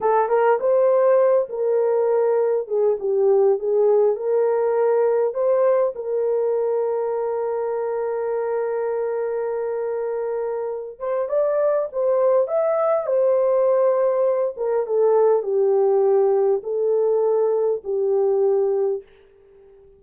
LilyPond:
\new Staff \with { instrumentName = "horn" } { \time 4/4 \tempo 4 = 101 a'8 ais'8 c''4. ais'4.~ | ais'8 gis'8 g'4 gis'4 ais'4~ | ais'4 c''4 ais'2~ | ais'1~ |
ais'2~ ais'8 c''8 d''4 | c''4 e''4 c''2~ | c''8 ais'8 a'4 g'2 | a'2 g'2 | }